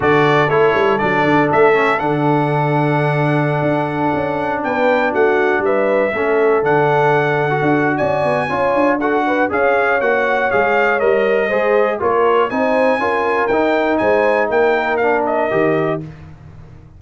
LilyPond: <<
  \new Staff \with { instrumentName = "trumpet" } { \time 4/4 \tempo 4 = 120 d''4 cis''4 d''4 e''4 | fis''1~ | fis''4~ fis''16 g''4 fis''4 e''8.~ | e''4~ e''16 fis''2~ fis''8. |
gis''2 fis''4 f''4 | fis''4 f''4 dis''2 | cis''4 gis''2 g''4 | gis''4 g''4 f''8 dis''4. | }
  \new Staff \with { instrumentName = "horn" } { \time 4/4 a'1~ | a'1~ | a'4~ a'16 b'4 fis'4 b'8.~ | b'16 a'2.~ a'8. |
d''4 cis''4 a'8 b'8 cis''4~ | cis''2. c''4 | ais'4 c''4 ais'2 | c''4 ais'2. | }
  \new Staff \with { instrumentName = "trombone" } { \time 4/4 fis'4 e'4 d'4. cis'8 | d'1~ | d'1~ | d'16 cis'4 d'4.~ d'16 fis'4~ |
fis'4 f'4 fis'4 gis'4 | fis'4 gis'4 ais'4 gis'4 | f'4 dis'4 f'4 dis'4~ | dis'2 d'4 g'4 | }
  \new Staff \with { instrumentName = "tuba" } { \time 4/4 d4 a8 g8 fis8 d8 a4 | d2.~ d16 d'8.~ | d'16 cis'4 b4 a4 g8.~ | g16 a4 d2 d'8. |
cis'8 b8 cis'8 d'4. cis'4 | ais4 gis4 g4 gis4 | ais4 c'4 cis'4 dis'4 | gis4 ais2 dis4 | }
>>